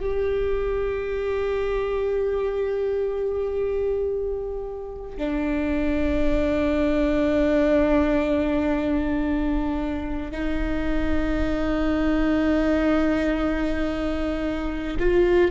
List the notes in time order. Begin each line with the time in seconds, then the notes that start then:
0.00 G4
5.18 D4
10.32 D#4
15.00 F4